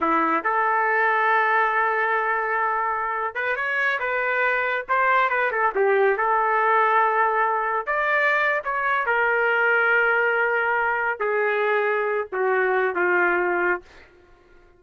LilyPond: \new Staff \with { instrumentName = "trumpet" } { \time 4/4 \tempo 4 = 139 e'4 a'2.~ | a'2.~ a'8. b'16~ | b'16 cis''4 b'2 c''8.~ | c''16 b'8 a'8 g'4 a'4.~ a'16~ |
a'2~ a'16 d''4.~ d''16 | cis''4 ais'2.~ | ais'2 gis'2~ | gis'8 fis'4. f'2 | }